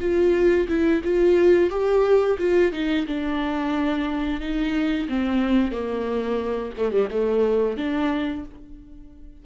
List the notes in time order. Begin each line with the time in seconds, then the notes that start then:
0.00 F4
0.68 E4
1.04 F4
1.70 G4
2.38 F4
2.72 D#4
3.07 D4
4.40 D#4
5.08 C4
5.72 A#3
6.77 A3
6.92 G3
7.10 A3
7.77 D4